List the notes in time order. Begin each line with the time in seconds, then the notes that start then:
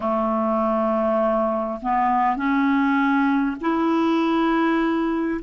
0.00 A3
1.82 B3
2.36 C#4
3.60 E4